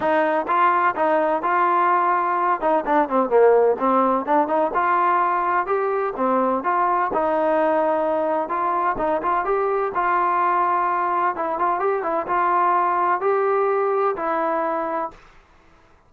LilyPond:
\new Staff \with { instrumentName = "trombone" } { \time 4/4 \tempo 4 = 127 dis'4 f'4 dis'4 f'4~ | f'4. dis'8 d'8 c'8 ais4 | c'4 d'8 dis'8 f'2 | g'4 c'4 f'4 dis'4~ |
dis'2 f'4 dis'8 f'8 | g'4 f'2. | e'8 f'8 g'8 e'8 f'2 | g'2 e'2 | }